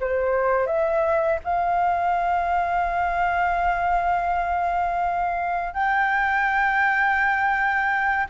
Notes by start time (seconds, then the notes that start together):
0.00 C5
0.66 E5
1.44 F5
5.73 G5